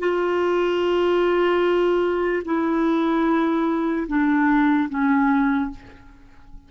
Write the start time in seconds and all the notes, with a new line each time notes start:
0.00 F4
2.45 E4
4.08 D4
4.90 C#4